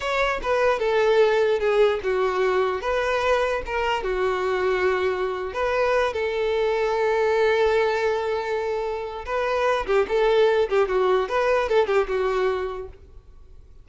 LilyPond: \new Staff \with { instrumentName = "violin" } { \time 4/4 \tempo 4 = 149 cis''4 b'4 a'2 | gis'4 fis'2 b'4~ | b'4 ais'4 fis'2~ | fis'4.~ fis'16 b'4. a'8.~ |
a'1~ | a'2. b'4~ | b'8 g'8 a'4. g'8 fis'4 | b'4 a'8 g'8 fis'2 | }